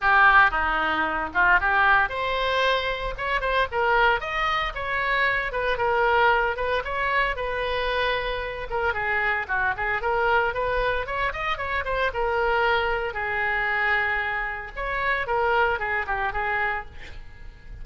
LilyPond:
\new Staff \with { instrumentName = "oboe" } { \time 4/4 \tempo 4 = 114 g'4 dis'4. f'8 g'4 | c''2 cis''8 c''8 ais'4 | dis''4 cis''4. b'8 ais'4~ | ais'8 b'8 cis''4 b'2~ |
b'8 ais'8 gis'4 fis'8 gis'8 ais'4 | b'4 cis''8 dis''8 cis''8 c''8 ais'4~ | ais'4 gis'2. | cis''4 ais'4 gis'8 g'8 gis'4 | }